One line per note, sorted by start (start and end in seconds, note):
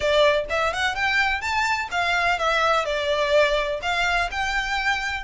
0.00 0.45 D5
0.49 0.73 E5
0.73 0.95 F#5
0.95 1.41 G5
1.41 1.89 A5
1.91 2.38 F5
2.39 2.85 E5
2.85 3.80 D5
3.81 4.29 F5
4.31 5.24 G5